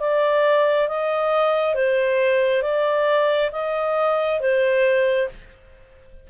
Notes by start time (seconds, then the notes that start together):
0.00 D5
0.88 D#5
1.75 C5
2.62 D5
3.52 D#5
4.40 C5